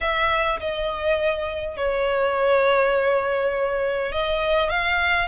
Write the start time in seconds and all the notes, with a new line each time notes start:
0.00 E5
0.59 D#5
1.76 C#5
4.12 D#5
4.69 F5